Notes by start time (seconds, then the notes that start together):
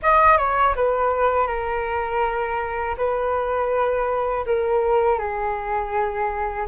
0.02 D#5
0.37 C#5
0.75 B4
1.47 A#4
2.97 B4
4.46 A#4
5.19 G#4